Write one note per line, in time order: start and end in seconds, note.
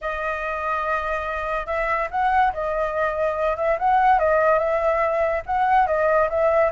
0.01 1.66 D#5
1.66 2.08 E5
2.11 2.53 F#5
2.53 3.56 D#5
3.56 3.77 E5
3.78 4.18 F#5
4.18 4.58 D#5
4.58 5.42 E5
5.46 5.86 F#5
5.86 6.28 D#5
6.29 6.71 E5